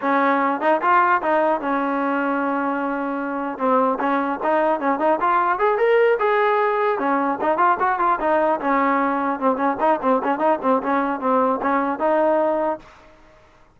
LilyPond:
\new Staff \with { instrumentName = "trombone" } { \time 4/4 \tempo 4 = 150 cis'4. dis'8 f'4 dis'4 | cis'1~ | cis'4 c'4 cis'4 dis'4 | cis'8 dis'8 f'4 gis'8 ais'4 gis'8~ |
gis'4. cis'4 dis'8 f'8 fis'8 | f'8 dis'4 cis'2 c'8 | cis'8 dis'8 c'8 cis'8 dis'8 c'8 cis'4 | c'4 cis'4 dis'2 | }